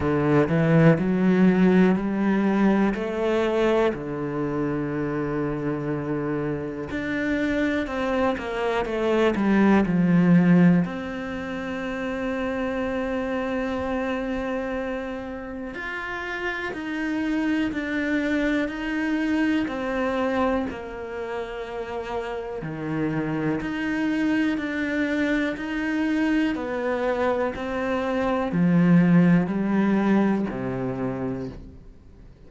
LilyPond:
\new Staff \with { instrumentName = "cello" } { \time 4/4 \tempo 4 = 61 d8 e8 fis4 g4 a4 | d2. d'4 | c'8 ais8 a8 g8 f4 c'4~ | c'1 |
f'4 dis'4 d'4 dis'4 | c'4 ais2 dis4 | dis'4 d'4 dis'4 b4 | c'4 f4 g4 c4 | }